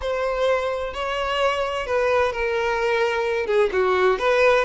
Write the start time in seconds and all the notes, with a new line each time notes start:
0.01 C5
0.93 C#5
1.86 B4
2.32 A#4
3.46 G#4
3.72 F#4
4.19 B4